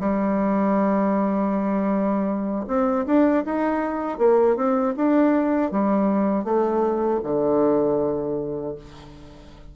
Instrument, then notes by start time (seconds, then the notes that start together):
bassoon
0.00 G3
2.68 C4
3.07 D4
3.45 D#4
4.19 A#3
4.56 C4
4.97 D4
5.72 G3
6.45 A3
7.24 D3